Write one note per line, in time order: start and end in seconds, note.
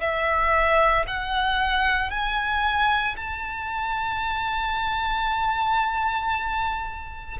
0.00 1.05 E5
1.07 2.10 F#5
2.10 3.15 G#5
3.16 7.37 A5